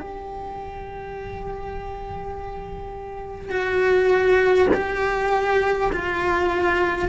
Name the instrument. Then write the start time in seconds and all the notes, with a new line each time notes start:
cello
0.00 G4
3.50 F#4
4.73 G4
5.92 F4